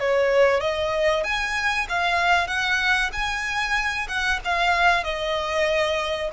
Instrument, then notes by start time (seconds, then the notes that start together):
violin
0.00 C#5
0.61 D#5
1.24 G#5
1.89 F5
2.48 F#5
3.13 G#5
4.09 F#5
4.45 F5
5.04 D#5